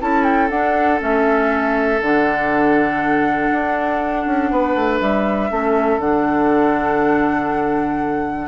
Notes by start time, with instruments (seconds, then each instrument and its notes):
0.00 bassoon C#4, clarinet E4, oboe A4, flute A5
0.24 flute G5
0.50 bassoon D4, clarinet D4, flute F#5
0.99 bassoon A3, clarinet C#4, flute E5
2.01 bassoon D3, clarinet D4, flute F#5
3.52 bassoon D4
4.26 bassoon C#4
4.51 bassoon B3, oboe B4
4.76 bassoon A3
5.01 bassoon G3, flute E5
5.51 bassoon A3, clarinet C#4, oboe A4
5.98 bassoon D3, clarinet D4, flute F#5